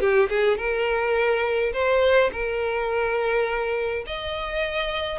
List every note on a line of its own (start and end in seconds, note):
0.00 0.29 G4
0.29 0.57 G#4
0.57 1.73 A#4
1.73 2.31 C5
2.32 4.05 A#4
4.06 5.19 D#5